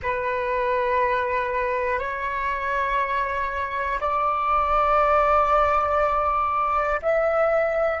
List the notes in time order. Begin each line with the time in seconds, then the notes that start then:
0.02 B4
1.99 C#5
4.00 D5
7.01 E5